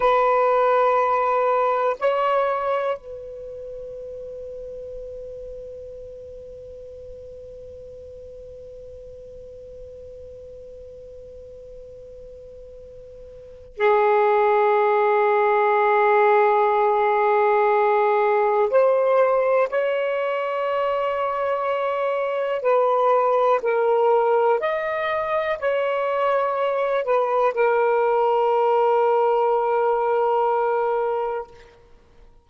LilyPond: \new Staff \with { instrumentName = "saxophone" } { \time 4/4 \tempo 4 = 61 b'2 cis''4 b'4~ | b'1~ | b'1~ | b'2 gis'2~ |
gis'2. c''4 | cis''2. b'4 | ais'4 dis''4 cis''4. b'8 | ais'1 | }